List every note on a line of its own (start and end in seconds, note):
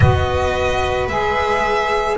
0.00 1.07 B3
0.00 1.09 F#4
0.00 2.16 B4
0.00 1.06 D#5
1.07 2.17 G#3
1.07 2.17 G#4
1.07 2.17 E5